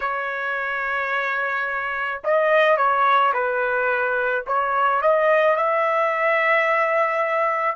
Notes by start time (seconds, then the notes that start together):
0.00 C#5
2.24 D#5
2.77 C#5
3.33 B4
4.46 C#5
5.01 D#5
5.56 E5